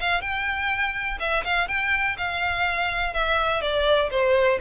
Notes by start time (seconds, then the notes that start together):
0.00 F5
0.21 G5
1.19 E5
1.44 F5
1.68 G5
2.17 F5
3.13 E5
3.61 D5
4.11 C5